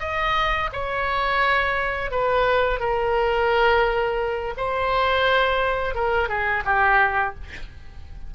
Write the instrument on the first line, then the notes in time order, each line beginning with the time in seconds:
oboe
0.00 D#5
0.73 C#5
2.11 B4
2.80 A#4
4.57 C5
5.95 A#4
6.29 G#4
6.65 G4